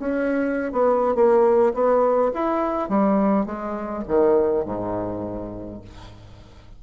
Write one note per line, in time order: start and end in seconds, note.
0.00 0.73 C#4
0.73 1.15 B3
1.15 1.74 A#3
1.74 2.32 B3
2.34 2.89 E4
2.89 3.46 G3
3.46 4.04 G#3
4.09 4.65 D#3
4.65 5.82 G#2